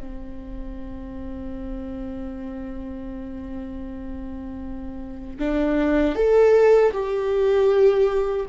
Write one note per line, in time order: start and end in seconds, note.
0.00 5.38 C4
5.39 6.16 D4
6.16 6.93 A4
6.93 8.47 G4